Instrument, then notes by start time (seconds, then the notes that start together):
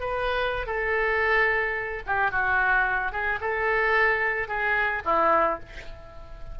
oboe
0.00 B4
0.66 A4
2.07 G4
2.31 F#4
3.12 G#4
3.41 A4
4.48 G#4
5.05 E4